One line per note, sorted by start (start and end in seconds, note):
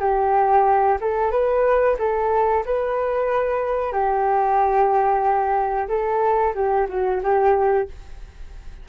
0.00 0.98 G4
1.00 1.31 A4
1.31 1.97 B4
1.99 2.64 A4
2.65 3.92 B4
3.92 5.88 G4
5.88 6.53 A4
6.55 6.87 G4
6.89 7.22 F#4
7.23 7.88 G4